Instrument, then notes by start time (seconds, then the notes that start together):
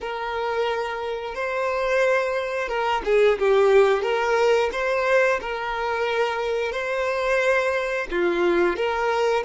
violin
0.01 A#4
1.35 C5
2.68 A#4
3.04 G#4
3.38 G4
4.02 A#4
4.72 C5
5.41 A#4
6.72 C5
8.10 F4
8.76 A#4